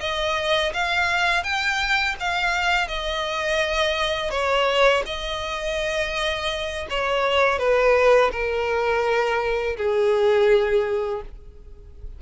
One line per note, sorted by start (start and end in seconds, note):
0.00 0.72 D#5
0.73 1.43 F5
1.43 2.15 G5
2.20 2.88 F5
2.88 4.30 D#5
4.30 5.03 C#5
5.06 6.86 D#5
6.90 7.58 C#5
7.58 8.31 B4
8.32 9.76 A#4
9.77 11.21 G#4